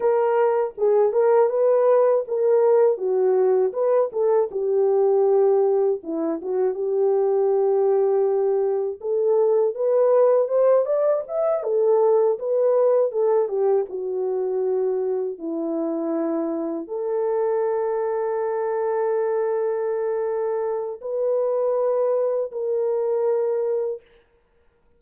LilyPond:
\new Staff \with { instrumentName = "horn" } { \time 4/4 \tempo 4 = 80 ais'4 gis'8 ais'8 b'4 ais'4 | fis'4 b'8 a'8 g'2 | e'8 fis'8 g'2. | a'4 b'4 c''8 d''8 e''8 a'8~ |
a'8 b'4 a'8 g'8 fis'4.~ | fis'8 e'2 a'4.~ | a'1 | b'2 ais'2 | }